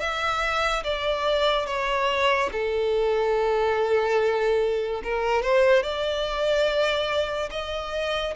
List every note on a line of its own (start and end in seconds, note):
0.00 0.83 E5
0.84 1.66 D5
1.66 2.50 C#5
2.52 5.02 A4
5.04 5.42 A#4
5.42 5.83 C5
5.83 7.50 D5
7.51 8.34 D#5